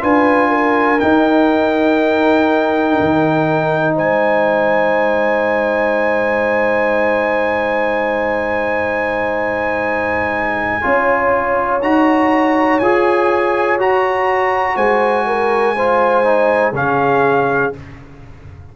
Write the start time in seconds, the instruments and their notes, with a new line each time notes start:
0.00 tuba D4, trombone F4, horn B4, trumpet G#5
0.49 horn A#4
0.99 trombone D#4, tuba D#4, trumpet G5
3.00 tuba D#3
3.95 tuba G#3, horn C5, trumpet G#5
10.82 tuba C#4, trombone F4, horn C#5
11.82 tuba D#4, trombone F#4, trumpet A#5
12.79 tuba F4, trombone G#4, trumpet G#5
13.79 tuba F#4, trombone F#4, trumpet A#5
14.76 tuba G#3, horn C5, trumpet G#5
15.26 horn A#4
15.76 trombone F4, horn C5
16.24 trombone D#4
16.73 tuba C#3, trombone C#4, horn G#4, trumpet F5